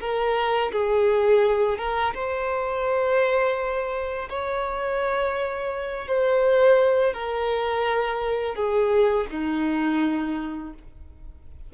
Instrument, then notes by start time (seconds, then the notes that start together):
violin
0.00 A#4
0.72 G#4
1.78 A#4
2.14 C5
4.29 C#5
6.07 C5
7.13 A#4
8.55 G#4
9.30 D#4